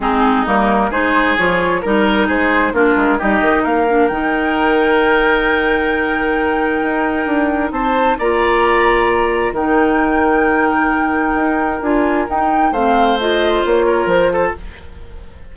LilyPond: <<
  \new Staff \with { instrumentName = "flute" } { \time 4/4 \tempo 4 = 132 gis'4 ais'4 c''4 cis''4 | ais'4 c''4 ais'4 dis''4 | f''4 g''2.~ | g''1~ |
g''4 a''4 ais''2~ | ais''4 g''2.~ | g''2 gis''4 g''4 | f''4 dis''4 cis''4 c''4 | }
  \new Staff \with { instrumentName = "oboe" } { \time 4/4 dis'2 gis'2 | ais'4 gis'4 f'4 g'4 | ais'1~ | ais'1~ |
ais'4 c''4 d''2~ | d''4 ais'2.~ | ais'1 | c''2~ c''8 ais'4 a'8 | }
  \new Staff \with { instrumentName = "clarinet" } { \time 4/4 c'4 ais4 dis'4 f'4 | dis'2 d'4 dis'4~ | dis'8 d'8 dis'2.~ | dis'1~ |
dis'2 f'2~ | f'4 dis'2.~ | dis'2 f'4 dis'4 | c'4 f'2. | }
  \new Staff \with { instrumentName = "bassoon" } { \time 4/4 gis4 g4 gis4 f4 | g4 gis4 ais8 gis8 g8 dis8 | ais4 dis2.~ | dis2. dis'4 |
d'4 c'4 ais2~ | ais4 dis2.~ | dis4 dis'4 d'4 dis'4 | a2 ais4 f4 | }
>>